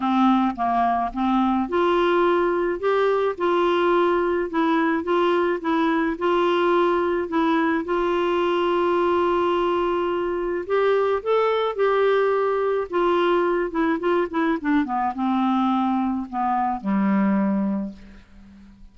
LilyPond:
\new Staff \with { instrumentName = "clarinet" } { \time 4/4 \tempo 4 = 107 c'4 ais4 c'4 f'4~ | f'4 g'4 f'2 | e'4 f'4 e'4 f'4~ | f'4 e'4 f'2~ |
f'2. g'4 | a'4 g'2 f'4~ | f'8 e'8 f'8 e'8 d'8 b8 c'4~ | c'4 b4 g2 | }